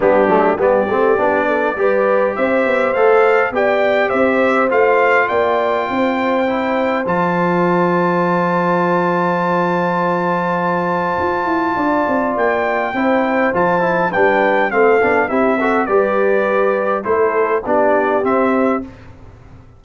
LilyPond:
<<
  \new Staff \with { instrumentName = "trumpet" } { \time 4/4 \tempo 4 = 102 g'4 d''2. | e''4 f''4 g''4 e''4 | f''4 g''2. | a''1~ |
a''1~ | a''4 g''2 a''4 | g''4 f''4 e''4 d''4~ | d''4 c''4 d''4 e''4 | }
  \new Staff \with { instrumentName = "horn" } { \time 4/4 d'4 g'4. a'8 b'4 | c''2 d''4 c''4~ | c''4 d''4 c''2~ | c''1~ |
c''1 | d''2 c''2 | b'4 a'4 g'8 a'8 b'4~ | b'4 a'4 g'2 | }
  \new Staff \with { instrumentName = "trombone" } { \time 4/4 b8 a8 b8 c'8 d'4 g'4~ | g'4 a'4 g'2 | f'2. e'4 | f'1~ |
f'1~ | f'2 e'4 f'8 e'8 | d'4 c'8 d'8 e'8 fis'8 g'4~ | g'4 e'4 d'4 c'4 | }
  \new Staff \with { instrumentName = "tuba" } { \time 4/4 g8 fis8 g8 a8 b4 g4 | c'8 b8 a4 b4 c'4 | a4 ais4 c'2 | f1~ |
f2. f'8 e'8 | d'8 c'8 ais4 c'4 f4 | g4 a8 b8 c'4 g4~ | g4 a4 b4 c'4 | }
>>